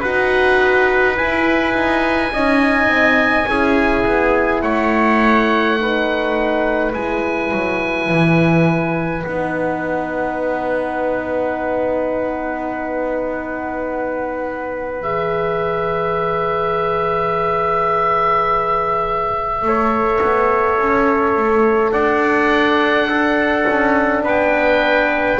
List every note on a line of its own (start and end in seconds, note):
0.00 1.18 D#4
0.00 1.15 F#4
0.00 2.31 B4
0.00 1.17 F#5
1.15 2.30 E4
1.15 1.74 E4
1.15 4.62 G#5
1.74 2.32 D#4
2.32 2.87 C#4
2.32 3.47 D#4
2.32 3.48 D#5
2.87 3.45 C4
3.47 4.05 C#4
3.47 5.78 E4
3.47 4.62 G#4
4.05 4.62 B3
4.62 6.93 A3
4.62 5.78 C#5
4.62 6.92 F#5
5.78 6.93 D#4
5.78 19.66 B4
6.94 7.51 G#3
6.94 9.24 E4
6.94 9.24 G#5
7.51 8.09 F#3
8.09 9.24 E3
9.24 15.00 B3
9.24 15.03 D#4
9.24 15.01 F#5
15.00 19.62 E3
15.00 19.64 G#4
15.00 21.92 E5
19.62 20.19 A3
19.62 23.09 A4
19.62 21.93 C#5
20.21 20.78 B3
20.78 21.36 C#4
21.36 21.92 A3
21.92 23.65 D4
21.92 23.08 D5
21.92 24.22 F#5
23.09 25.39 D4
23.09 24.24 A4
23.68 24.23 C#4
24.23 25.38 B3
24.23 25.39 B4
24.23 25.39 G5